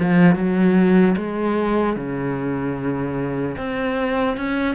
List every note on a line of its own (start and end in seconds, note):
0.00 0.36 F3
0.36 1.16 F#3
1.17 1.97 G#3
1.97 3.57 C#3
3.58 4.37 C4
4.37 4.76 C#4